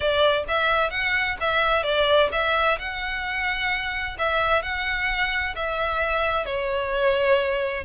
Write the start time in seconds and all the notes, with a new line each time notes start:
0.00 D5
0.48 E5
0.90 F#5
1.40 E5
1.83 D5
2.32 E5
2.78 F#5
4.18 E5
4.62 F#5
5.55 E5
6.45 C#5